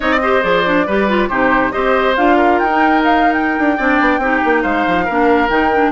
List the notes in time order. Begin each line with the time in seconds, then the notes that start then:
0.00 C4 D#4 D5 D#5
0.22 G4 C5
0.42 F3 G#4 D5
0.65 D4
0.86 G3 G4 B4
1.08 F4
1.28 C3 D#4 G4 C5
1.71 C4 G4 C5 D#5
2.16 D4 F4 F5
2.37 A#4
2.58 D#4 G5
2.69 D#4
3.04 F5
3.33 G5
3.58 D4
3.77 C4 D4 D5
4.00 B3
4.18 C4 D#4 G4
4.44 A#3
4.62 G#3 C5 F5
4.87 F3
5.05 A#3 D4 A#4
5.49 D#3 D#4 G5
5.73 D4